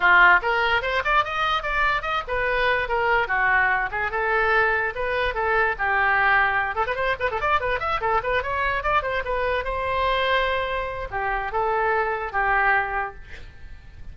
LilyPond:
\new Staff \with { instrumentName = "oboe" } { \time 4/4 \tempo 4 = 146 f'4 ais'4 c''8 d''8 dis''4 | d''4 dis''8 b'4. ais'4 | fis'4. gis'8 a'2 | b'4 a'4 g'2~ |
g'8 a'16 b'16 c''8 b'16 a'16 d''8 b'8 e''8 a'8 | b'8 cis''4 d''8 c''8 b'4 c''8~ | c''2. g'4 | a'2 g'2 | }